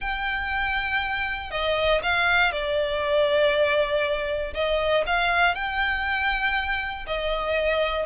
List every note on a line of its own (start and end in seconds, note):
0.00 1.51 G5
1.51 2.01 D#5
2.02 2.51 F5
2.51 4.53 D5
4.54 5.04 D#5
5.06 5.54 F5
5.54 7.05 G5
7.06 8.06 D#5